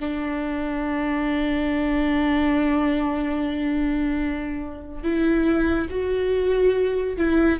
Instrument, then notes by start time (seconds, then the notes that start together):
viola
0.00 D4
5.03 E4
5.90 F#4
7.17 E4